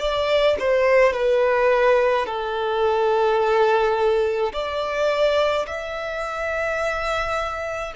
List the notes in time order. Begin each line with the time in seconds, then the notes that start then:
0.00 D5
0.59 C5
1.13 B4
2.26 A4
4.53 D5
5.67 E5